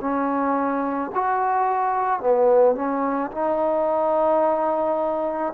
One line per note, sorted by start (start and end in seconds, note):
0.00 1.11 C#4
1.14 2.20 F#4
2.20 2.75 B3
2.75 3.31 C#4
3.31 5.53 D#4